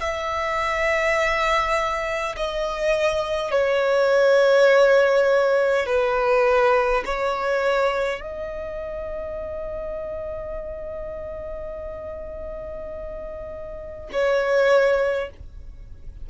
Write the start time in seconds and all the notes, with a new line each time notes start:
0.00 E5
2.36 D#5
3.51 C#5
5.86 B4
7.05 C#5
8.20 D#5
14.12 C#5